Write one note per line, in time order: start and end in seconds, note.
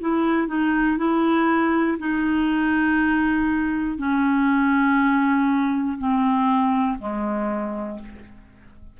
0.00 0.47 E4
0.47 0.97 D#4
0.98 1.98 E4
1.98 3.98 D#4
3.98 5.98 C#4
5.98 6.98 C4
6.99 7.99 G#3